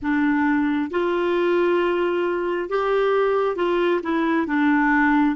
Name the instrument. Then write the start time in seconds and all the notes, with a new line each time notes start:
clarinet
0.02 D4
0.90 F4
2.69 G4
3.56 F4
4.03 E4
4.46 D4